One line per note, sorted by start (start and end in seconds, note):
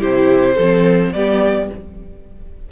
0.00 0.57 C3
0.00 0.56 E4
0.00 0.55 G4
0.00 1.13 C5
0.55 1.14 F3
0.55 1.14 C4
0.55 1.10 A4
1.13 1.70 G3
1.13 1.70 B3
1.13 1.72 G4
1.13 1.68 D5